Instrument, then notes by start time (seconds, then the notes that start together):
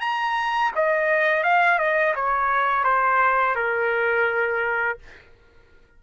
trumpet
0.00 A#5
0.75 D#5
1.44 F5
1.79 D#5
2.15 C#5
2.84 C5
3.56 A#4